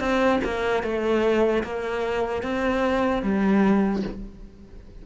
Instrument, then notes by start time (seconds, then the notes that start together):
cello
0.00 C4
0.45 A#3
0.83 A3
1.64 A#3
2.43 C4
3.23 G3